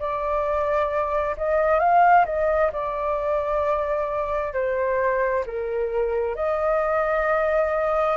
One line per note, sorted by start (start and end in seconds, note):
0.00 1.36 D5
1.38 1.80 D#5
1.80 2.25 F5
2.26 2.71 D#5
2.73 4.54 D5
4.54 5.45 C5
5.46 6.36 A#4
6.36 8.17 D#5